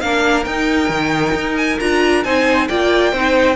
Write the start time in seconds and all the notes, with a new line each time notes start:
0.00 A#3 D4 A#4 F5
0.44 D#4 G5
0.89 D#3
1.34 D#4
1.57 G#5
1.80 D4 F4 A#5
2.23 C4 D#4 C5 G#5
2.68 A#3 F4 D5 G5
3.12 C4 D#4 C5